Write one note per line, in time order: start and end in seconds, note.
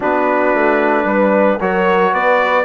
0.00 0.54 B3
0.00 1.59 D4
0.00 1.04 F#4
0.00 1.61 B4
0.54 1.04 A3
1.04 1.57 G3
1.04 1.59 B4
1.59 2.12 F#3
1.59 2.64 F#4
1.59 2.12 A#4
1.59 2.14 C#5
2.12 2.64 B3
2.12 2.64 B4
2.12 2.64 D5